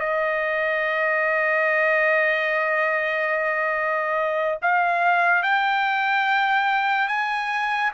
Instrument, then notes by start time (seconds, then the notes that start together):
trumpet
0.00 D#5
4.62 F5
5.43 G5
7.08 G#5